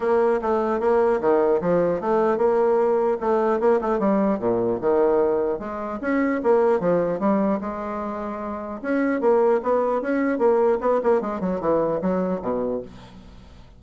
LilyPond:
\new Staff \with { instrumentName = "bassoon" } { \time 4/4 \tempo 4 = 150 ais4 a4 ais4 dis4 | f4 a4 ais2 | a4 ais8 a8 g4 ais,4 | dis2 gis4 cis'4 |
ais4 f4 g4 gis4~ | gis2 cis'4 ais4 | b4 cis'4 ais4 b8 ais8 | gis8 fis8 e4 fis4 b,4 | }